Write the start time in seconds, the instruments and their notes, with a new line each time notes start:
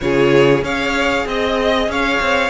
0.00 cello C#3, viola F4, violin G#4 C#5
0.62 cello C#4, viola G#4, violin C#5 F5
1.26 cello C4, violin D#5
1.88 cello C#4, violin C#5 F5
2.21 cello C4